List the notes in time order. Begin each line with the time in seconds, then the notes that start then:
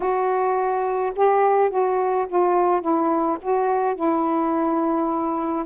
0.00 F#4
1.15 G4
1.70 F#4
2.28 F4
2.81 E4
3.41 F#4
3.95 E4